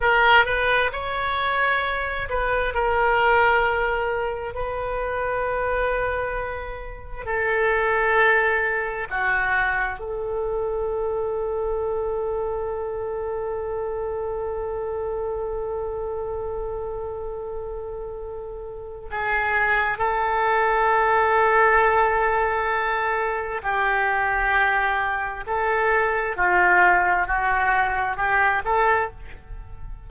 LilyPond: \new Staff \with { instrumentName = "oboe" } { \time 4/4 \tempo 4 = 66 ais'8 b'8 cis''4. b'8 ais'4~ | ais'4 b'2. | a'2 fis'4 a'4~ | a'1~ |
a'1~ | a'4 gis'4 a'2~ | a'2 g'2 | a'4 f'4 fis'4 g'8 a'8 | }